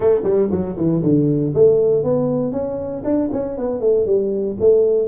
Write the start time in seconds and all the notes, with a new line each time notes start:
0.00 A3
0.23 G3
0.51 F#3
0.77 E3
1.02 D3
1.54 A3
2.03 B3
2.51 C#4
3.04 D4
3.32 C#4
3.57 B3
3.80 A3
4.06 G3
4.59 A3